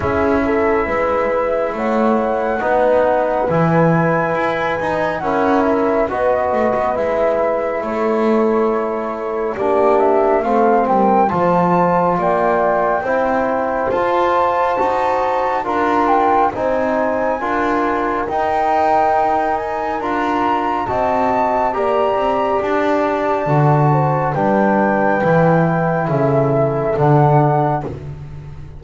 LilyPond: <<
  \new Staff \with { instrumentName = "flute" } { \time 4/4 \tempo 4 = 69 e''2 fis''2 | gis''2 fis''8 e''8 dis''4 | e''4 cis''2 d''8 e''8 | f''8 g''8 a''4 g''2 |
a''2 ais''8 g''8 gis''4~ | gis''4 g''4. gis''8 ais''4 | a''4 ais''4 a''2 | g''2 e''4 fis''4 | }
  \new Staff \with { instrumentName = "horn" } { \time 4/4 gis'8 a'8 b'4 cis''4 b'4~ | b'2 ais'4 b'4~ | b'4 a'2 g'4 | a'8 ais'8 c''4 d''4 c''4~ |
c''2 ais'4 c''4 | ais'1 | dis''4 d''2~ d''8 c''8 | b'2 a'2 | }
  \new Staff \with { instrumentName = "trombone" } { \time 4/4 e'2. dis'4 | e'4. dis'8 e'4 fis'4 | e'2. d'4 | c'4 f'2 e'4 |
f'4 fis'4 f'4 dis'4 | f'4 dis'2 f'4 | fis'4 g'2 fis'4 | d'4 e'2 d'4 | }
  \new Staff \with { instrumentName = "double bass" } { \time 4/4 cis'4 gis4 a4 b4 | e4 e'8 dis'8 cis'4 b8 a16 b16 | gis4 a2 ais4 | a8 g8 f4 ais4 c'4 |
f'4 dis'4 d'4 c'4 | d'4 dis'2 d'4 | c'4 ais8 c'8 d'4 d4 | g4 e4 cis4 d4 | }
>>